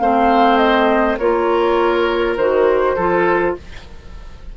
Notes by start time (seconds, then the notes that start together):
0.00 A3 C4 C5 F5
0.58 D#5
1.18 A#3 F4 A#4 C#5
2.37 D#3 F#4 C5
2.96 F3 F4 A4